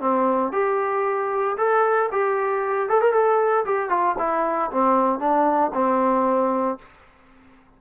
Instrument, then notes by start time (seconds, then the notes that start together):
trombone
0.00 C4
0.52 G4
1.57 A4
2.12 G4
2.89 A4
3.01 A#4
3.12 A4
3.65 G4
3.89 F4
4.18 E4
4.71 C4
5.19 D4
5.73 C4